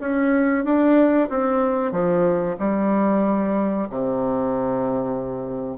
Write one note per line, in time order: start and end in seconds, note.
0.00 0.65 C#4
0.65 1.29 D4
1.29 1.92 C4
1.92 2.56 F3
2.59 3.88 G3
3.90 5.77 C3